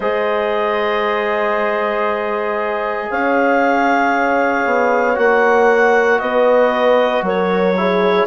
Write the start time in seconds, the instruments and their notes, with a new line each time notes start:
0.00 bassoon G#3, trombone G#4, horn C5, clarinet D#5
3.10 bassoon C#4, horn C#5, clarinet F5
4.65 bassoon B3
5.14 bassoon A#3, trombone F#4, clarinet F#5
6.19 bassoon B3, horn B4, clarinet D#5
7.21 bassoon F#3, horn A#4, clarinet C#5
7.76 trombone E4, horn G#4